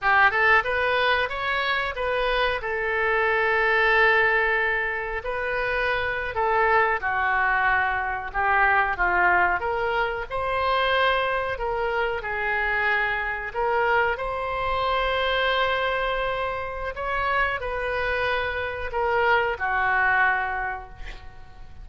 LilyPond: \new Staff \with { instrumentName = "oboe" } { \time 4/4 \tempo 4 = 92 g'8 a'8 b'4 cis''4 b'4 | a'1 | b'4.~ b'16 a'4 fis'4~ fis'16~ | fis'8. g'4 f'4 ais'4 c''16~ |
c''4.~ c''16 ais'4 gis'4~ gis'16~ | gis'8. ais'4 c''2~ c''16~ | c''2 cis''4 b'4~ | b'4 ais'4 fis'2 | }